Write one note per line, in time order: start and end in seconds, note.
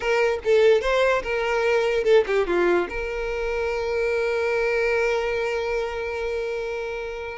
0.00 0.39 A#4
0.44 0.81 A4
0.81 1.22 C5
1.23 2.03 A#4
2.03 2.24 A4
2.26 2.46 G4
2.46 2.87 F4
2.89 7.38 A#4